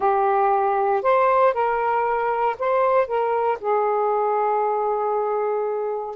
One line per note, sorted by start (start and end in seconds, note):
0.00 1.02 G4
1.02 1.53 C5
1.53 2.56 A#4
2.59 3.07 C5
3.07 3.58 A#4
3.60 6.16 G#4